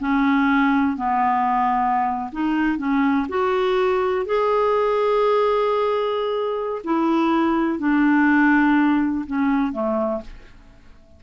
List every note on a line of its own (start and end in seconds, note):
0.00 0.97 C#4
0.97 2.31 B3
2.32 2.78 D#4
2.78 3.27 C#4
3.29 4.26 F#4
4.26 6.82 G#4
6.84 7.79 E4
7.79 9.25 D4
9.26 9.72 C#4
9.72 10.21 A3